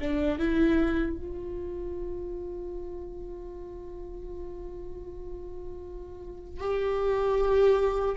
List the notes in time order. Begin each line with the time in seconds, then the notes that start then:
0.00 D4
0.38 E4
1.16 F4
6.60 G4